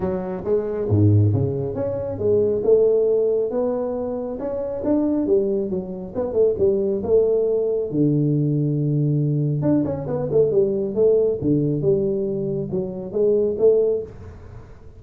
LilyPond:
\new Staff \with { instrumentName = "tuba" } { \time 4/4 \tempo 4 = 137 fis4 gis4 gis,4 cis4 | cis'4 gis4 a2 | b2 cis'4 d'4 | g4 fis4 b8 a8 g4 |
a2 d2~ | d2 d'8 cis'8 b8 a8 | g4 a4 d4 g4~ | g4 fis4 gis4 a4 | }